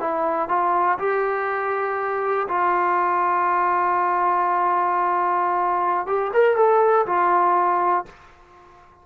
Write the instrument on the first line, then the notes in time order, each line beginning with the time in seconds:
trombone
0.00 E4
0.49 F4
0.99 G4
2.49 F4
6.07 G4
6.34 A#4
6.56 A4
7.06 F4